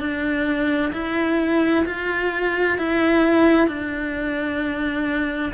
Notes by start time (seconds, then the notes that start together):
0.00 D4
0.93 E4
1.86 F4
2.78 E4
3.68 D4